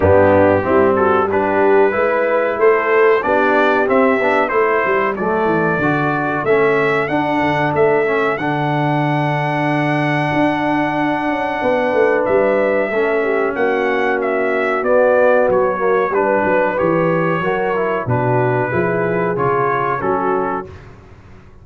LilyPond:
<<
  \new Staff \with { instrumentName = "trumpet" } { \time 4/4 \tempo 4 = 93 g'4. a'8 b'2 | c''4 d''4 e''4 c''4 | d''2 e''4 fis''4 | e''4 fis''2.~ |
fis''2. e''4~ | e''4 fis''4 e''4 d''4 | cis''4 b'4 cis''2 | b'2 cis''4 a'4 | }
  \new Staff \with { instrumentName = "horn" } { \time 4/4 d'4 e'8 fis'8 g'4 b'4 | a'4 g'2 a'4~ | a'1~ | a'1~ |
a'2 b'2 | a'8 g'8 fis'2.~ | fis'4 b'2 ais'4 | fis'4 gis'2 fis'4 | }
  \new Staff \with { instrumentName = "trombone" } { \time 4/4 b4 c'4 d'4 e'4~ | e'4 d'4 c'8 d'8 e'4 | a4 fis'4 cis'4 d'4~ | d'8 cis'8 d'2.~ |
d'1 | cis'2. b4~ | b8 ais8 d'4 g'4 fis'8 e'8 | d'4 e'4 f'4 cis'4 | }
  \new Staff \with { instrumentName = "tuba" } { \time 4/4 g,4 g2 gis4 | a4 b4 c'8 b8 a8 g8 | fis8 e8 d4 a4 d'8 d8 | a4 d2. |
d'4. cis'8 b8 a8 g4 | a4 ais2 b4 | fis4 g8 fis8 e4 fis4 | b,4 f4 cis4 fis4 | }
>>